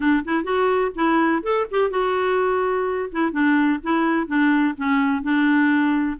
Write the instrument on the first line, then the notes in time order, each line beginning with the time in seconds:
clarinet
0.00 D4
0.24 E4
0.44 F#4
0.95 E4
1.42 A4
1.71 G4
1.90 F#4
3.11 E4
3.32 D4
3.83 E4
4.27 D4
4.77 C#4
5.23 D4